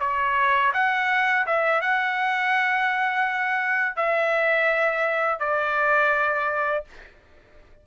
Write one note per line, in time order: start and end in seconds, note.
0.00 0.72 C#5
0.73 1.46 F#5
1.46 1.81 E5
1.81 3.96 F#5
3.96 5.40 E5
5.40 6.84 D5